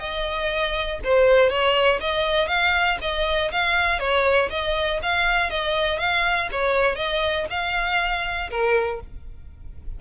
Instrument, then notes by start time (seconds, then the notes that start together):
violin
0.00 D#5
1.04 C5
1.50 C#5
2.01 D#5
2.48 F5
3.02 D#5
3.52 F5
3.99 C#5
4.50 D#5
5.03 F5
5.50 D#5
5.99 F5
6.52 C#5
6.96 D#5
7.50 F5
8.51 A#4